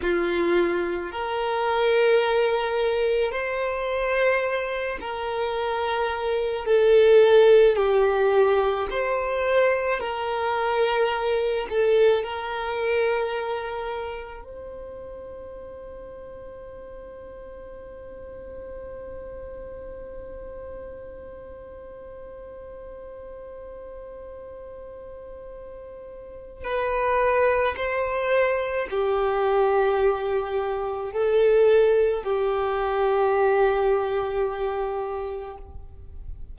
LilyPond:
\new Staff \with { instrumentName = "violin" } { \time 4/4 \tempo 4 = 54 f'4 ais'2 c''4~ | c''8 ais'4. a'4 g'4 | c''4 ais'4. a'8 ais'4~ | ais'4 c''2.~ |
c''1~ | c''1 | b'4 c''4 g'2 | a'4 g'2. | }